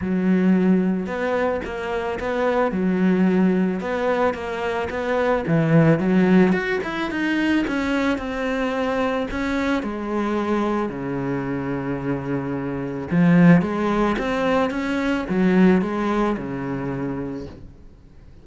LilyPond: \new Staff \with { instrumentName = "cello" } { \time 4/4 \tempo 4 = 110 fis2 b4 ais4 | b4 fis2 b4 | ais4 b4 e4 fis4 | fis'8 e'8 dis'4 cis'4 c'4~ |
c'4 cis'4 gis2 | cis1 | f4 gis4 c'4 cis'4 | fis4 gis4 cis2 | }